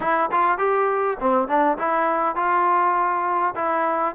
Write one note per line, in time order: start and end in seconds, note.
0.00 0.30 E4
0.31 0.58 F4
0.58 1.17 G4
1.19 1.47 C4
1.47 1.77 D4
1.78 2.35 E4
2.35 3.54 F4
3.55 4.14 E4